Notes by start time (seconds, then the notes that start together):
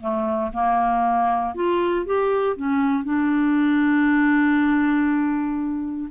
0.00 A3
0.53 A#3
1.55 F4
2.05 G4
2.56 C#4
3.04 D4